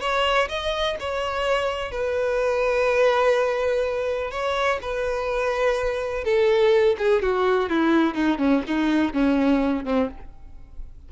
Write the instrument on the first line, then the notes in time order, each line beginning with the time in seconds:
violin
0.00 C#5
0.49 D#5
0.99 C#5
1.91 B4
4.31 C#5
4.82 B4
6.24 A4
6.98 G#4
7.22 F#4
7.69 E4
8.14 D#4
8.38 C#4
8.67 D#4
9.13 C#4
9.84 C4